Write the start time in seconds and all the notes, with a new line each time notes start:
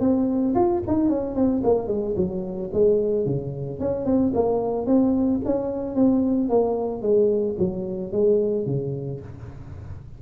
0.00 C4
0.55 F4
0.87 D#4
1.09 C#4
1.35 C4
1.63 A#3
1.87 G#3
2.16 F#3
2.73 G#3
3.25 C#3
3.79 C#4
4.05 C4
4.34 A#3
4.86 C4
5.45 C#4
5.95 C4
6.49 A#3
7.02 G#3
7.58 F#3
8.12 G#3
8.66 C#3